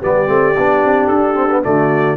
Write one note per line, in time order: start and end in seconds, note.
0.00 0.28 G3
0.00 0.27 B3
0.00 1.64 G4
0.00 1.08 D5
0.27 0.56 A3
0.27 0.54 C4
0.57 0.84 B3
0.57 1.35 D4
0.84 1.10 C4
1.08 1.64 D4
1.08 1.62 A4
1.35 1.48 C4
1.50 1.63 B3
1.63 2.17 D3
1.63 2.17 A3
1.63 2.17 F#4
1.63 2.17 D5